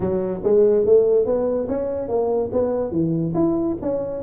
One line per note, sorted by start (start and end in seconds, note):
0.00 0.40 F#3
0.43 0.85 G#3
0.85 1.25 A3
1.25 1.67 B3
1.68 2.08 C#4
2.08 2.50 A#3
2.52 2.91 B3
2.91 3.33 E3
3.34 3.76 E4
3.81 4.23 C#4